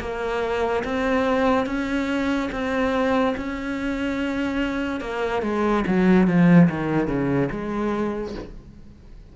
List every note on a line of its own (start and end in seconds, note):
0.00 0.83 A#3
0.84 1.66 C4
1.66 2.49 C#4
2.51 3.34 C4
3.37 5.00 C#4
5.00 5.42 A#3
5.42 5.84 G#3
5.87 6.27 F#3
6.27 6.69 F3
6.69 7.07 D#3
7.07 7.49 C#3
7.51 8.34 G#3